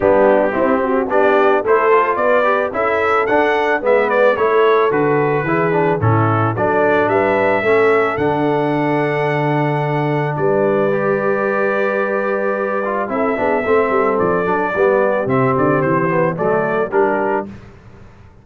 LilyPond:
<<
  \new Staff \with { instrumentName = "trumpet" } { \time 4/4 \tempo 4 = 110 g'2 d''4 c''4 | d''4 e''4 fis''4 e''8 d''8 | cis''4 b'2 a'4 | d''4 e''2 fis''4~ |
fis''2. d''4~ | d''1 | e''2 d''2 | e''8 d''8 c''4 d''4 ais'4 | }
  \new Staff \with { instrumentName = "horn" } { \time 4/4 d'4 e'8 fis'8 g'4 a'4 | b'4 a'2 b'4 | a'2 gis'4 e'4 | a'4 b'4 a'2~ |
a'2. b'4~ | b'1 | a'8 gis'8 a'2 g'4~ | g'2 a'4 g'4 | }
  \new Staff \with { instrumentName = "trombone" } { \time 4/4 b4 c'4 d'4 e'8 f'8~ | f'8 g'8 e'4 d'4 b4 | e'4 fis'4 e'8 d'8 cis'4 | d'2 cis'4 d'4~ |
d'1 | g'2.~ g'8 f'8 | e'8 d'8 c'4. d'8 b4 | c'4. b8 a4 d'4 | }
  \new Staff \with { instrumentName = "tuba" } { \time 4/4 g4 c'4 b4 a4 | b4 cis'4 d'4 gis4 | a4 d4 e4 a,4 | fis4 g4 a4 d4~ |
d2. g4~ | g1 | c'8 b8 a8 g8 f8 fis8 g4 | c8 d8 e4 fis4 g4 | }
>>